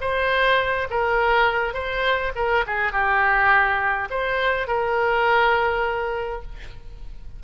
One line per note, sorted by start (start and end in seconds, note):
0.00 0.87 C5
0.90 1.73 A#4
1.73 2.32 C5
2.35 2.64 A#4
2.66 2.92 G#4
2.92 4.08 G4
4.10 4.67 C5
4.67 6.42 A#4